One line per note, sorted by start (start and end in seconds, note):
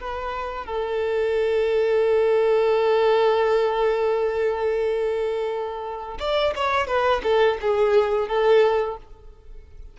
0.00 0.66 B4
0.66 6.18 A4
6.19 6.53 D5
6.55 6.87 C#5
6.87 7.21 B4
7.23 7.57 A4
7.61 8.28 G#4
8.28 8.97 A4